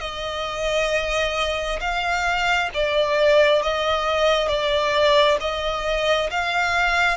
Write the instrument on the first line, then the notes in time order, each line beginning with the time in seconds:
violin
0.00 D#5
1.80 F5
2.74 D5
3.62 D#5
4.48 D5
5.40 D#5
6.30 F5